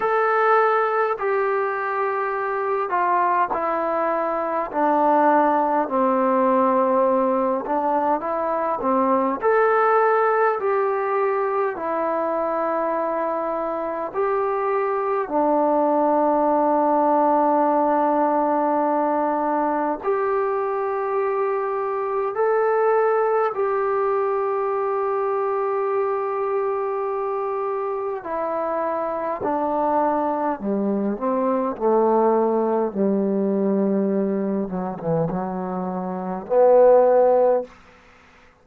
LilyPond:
\new Staff \with { instrumentName = "trombone" } { \time 4/4 \tempo 4 = 51 a'4 g'4. f'8 e'4 | d'4 c'4. d'8 e'8 c'8 | a'4 g'4 e'2 | g'4 d'2.~ |
d'4 g'2 a'4 | g'1 | e'4 d'4 g8 c'8 a4 | g4. fis16 e16 fis4 b4 | }